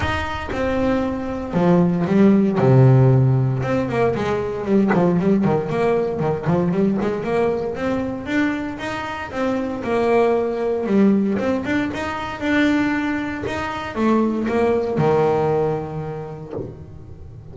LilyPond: \new Staff \with { instrumentName = "double bass" } { \time 4/4 \tempo 4 = 116 dis'4 c'2 f4 | g4 c2 c'8 ais8 | gis4 g8 f8 g8 dis8 ais4 | dis8 f8 g8 gis8 ais4 c'4 |
d'4 dis'4 c'4 ais4~ | ais4 g4 c'8 d'8 dis'4 | d'2 dis'4 a4 | ais4 dis2. | }